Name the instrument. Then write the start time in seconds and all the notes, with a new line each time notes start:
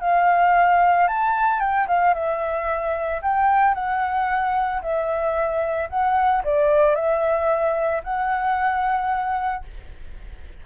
flute
0.00 F5
1.07 A5
1.59 G5
1.87 F5
2.14 E5
3.21 G5
3.74 F#5
4.81 E5
5.89 F#5
6.44 D5
6.95 E5
8.03 F#5